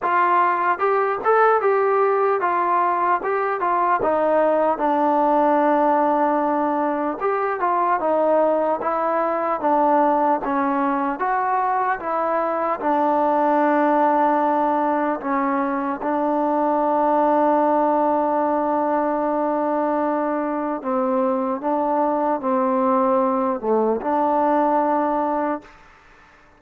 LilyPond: \new Staff \with { instrumentName = "trombone" } { \time 4/4 \tempo 4 = 75 f'4 g'8 a'8 g'4 f'4 | g'8 f'8 dis'4 d'2~ | d'4 g'8 f'8 dis'4 e'4 | d'4 cis'4 fis'4 e'4 |
d'2. cis'4 | d'1~ | d'2 c'4 d'4 | c'4. a8 d'2 | }